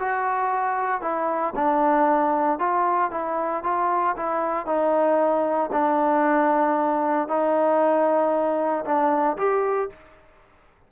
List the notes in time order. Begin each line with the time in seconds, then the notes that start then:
0.00 F#4
1.02 E4
1.56 D4
2.59 F4
3.12 E4
3.64 F4
4.17 E4
4.66 D#4
5.72 D4
7.29 D#4
8.85 D4
9.38 G4